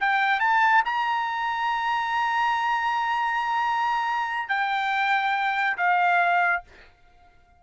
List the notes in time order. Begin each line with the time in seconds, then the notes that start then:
0.00 G5
0.40 A5
0.85 A#5
4.48 G5
5.77 F5